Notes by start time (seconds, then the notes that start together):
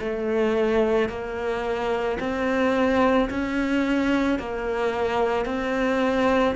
0.00 A3
1.09 A#3
2.20 C4
3.30 C#4
4.39 A#3
5.45 C4